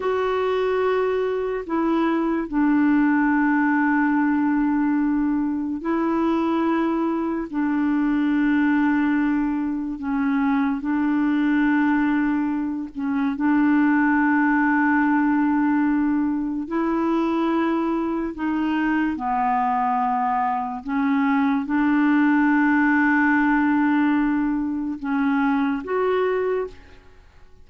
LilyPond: \new Staff \with { instrumentName = "clarinet" } { \time 4/4 \tempo 4 = 72 fis'2 e'4 d'4~ | d'2. e'4~ | e'4 d'2. | cis'4 d'2~ d'8 cis'8 |
d'1 | e'2 dis'4 b4~ | b4 cis'4 d'2~ | d'2 cis'4 fis'4 | }